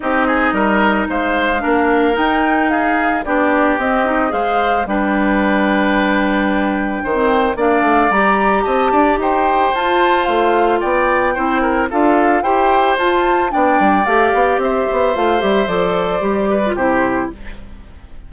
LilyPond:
<<
  \new Staff \with { instrumentName = "flute" } { \time 4/4 \tempo 4 = 111 dis''2 f''2 | g''4 f''4 d''4 dis''4 | f''4 g''2.~ | g''2 f''4 ais''4 |
a''4 g''4 a''4 f''4 | g''2 f''4 g''4 | a''4 g''4 f''4 e''4 | f''8 e''8 d''2 c''4 | }
  \new Staff \with { instrumentName = "oboe" } { \time 4/4 g'8 gis'8 ais'4 c''4 ais'4~ | ais'4 gis'4 g'2 | c''4 b'2.~ | b'4 c''4 d''2 |
dis''8 d''8 c''2. | d''4 c''8 ais'8 a'4 c''4~ | c''4 d''2 c''4~ | c''2~ c''8 b'8 g'4 | }
  \new Staff \with { instrumentName = "clarinet" } { \time 4/4 dis'2. d'4 | dis'2 d'4 c'8 dis'8 | gis'4 d'2.~ | d'4~ d'16 c'8. d'4 g'4~ |
g'2 f'2~ | f'4 e'4 f'4 g'4 | f'4 d'4 g'2 | f'8 g'8 a'4 g'8. f'16 e'4 | }
  \new Staff \with { instrumentName = "bassoon" } { \time 4/4 c'4 g4 gis4 ais4 | dis'2 b4 c'4 | gis4 g2.~ | g4 dis4 ais8 a8 g4 |
c'8 d'8 dis'4 f'4 a4 | b4 c'4 d'4 e'4 | f'4 b8 g8 a8 b8 c'8 b8 | a8 g8 f4 g4 c4 | }
>>